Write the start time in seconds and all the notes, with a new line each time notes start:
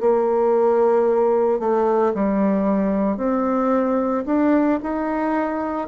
0.00 A#3
1.59 A3
2.14 G3
3.17 C4
4.26 D4
4.82 D#4